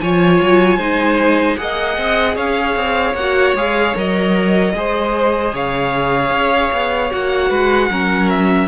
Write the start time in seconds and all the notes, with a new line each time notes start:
0.00 F3 F4 C#5 G#5
0.42 F#3
0.77 G#3 D#4 C5
1.57 A#3 G#4 D#5 F#5
1.98 C4
2.36 C#4 C#5 F5
2.76 C4
3.14 A#3 F#4 F#5
3.55 G#3 G#4 F5
3.96 F#3 A#4 D#5
4.74 G#3 G#4 C5
5.53 C#3 C#5 F5
6.31 C#4
6.73 B3
7.11 A#3 F#4 F#5
7.50 G#3 B4
7.90 F#3 C#4 A#4
8.30 E5